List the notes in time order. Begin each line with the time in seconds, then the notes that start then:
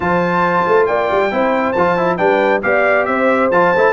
0.00 F3 F4 C5 A5
0.67 A3
0.86 A#3 D5 G5
1.10 G3
1.31 C4 E4 C5
1.72 F3 F4 A5
1.97 E4
2.17 G3 D4 B4 G5
2.62 B3 G4 D5 F5
3.05 C4 C5 E5
3.50 F3 F4 A5
3.76 A3 E4